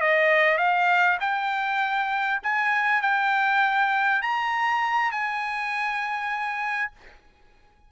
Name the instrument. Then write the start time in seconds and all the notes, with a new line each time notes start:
trumpet
0.00 D#5
0.58 F5
1.20 G5
2.43 G#5
3.02 G5
4.21 A#5
5.11 G#5